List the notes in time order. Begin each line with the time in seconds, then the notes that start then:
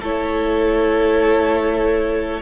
0.00 A3 E4 A4 C#5